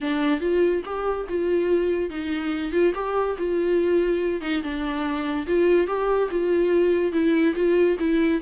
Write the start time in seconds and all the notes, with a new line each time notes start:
0.01 D4
0.40 F4
0.85 G4
1.28 F4
2.10 D#4
2.72 F4
2.94 G4
3.38 F4
4.41 D#4
4.62 D4
5.47 F4
5.87 G4
6.30 F4
7.12 E4
7.55 F4
7.99 E4